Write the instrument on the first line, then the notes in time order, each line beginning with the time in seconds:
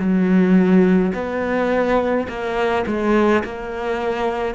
cello
0.00 F#3
1.14 B3
2.29 A#3
2.87 G#3
3.45 A#3